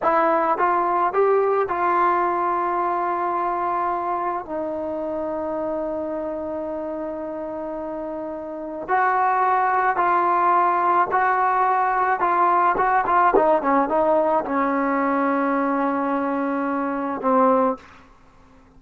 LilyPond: \new Staff \with { instrumentName = "trombone" } { \time 4/4 \tempo 4 = 108 e'4 f'4 g'4 f'4~ | f'1 | dis'1~ | dis'1 |
fis'2 f'2 | fis'2 f'4 fis'8 f'8 | dis'8 cis'8 dis'4 cis'2~ | cis'2. c'4 | }